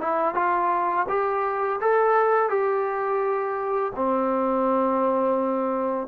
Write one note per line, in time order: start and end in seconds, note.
0.00 0.34 E4
0.34 1.06 F4
1.08 1.80 G4
1.80 2.49 A4
2.49 3.92 G4
3.95 6.07 C4